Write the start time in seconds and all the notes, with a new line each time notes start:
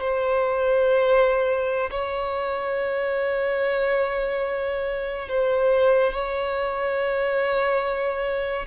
0.00 C5
1.91 C#5
5.28 C5
6.13 C#5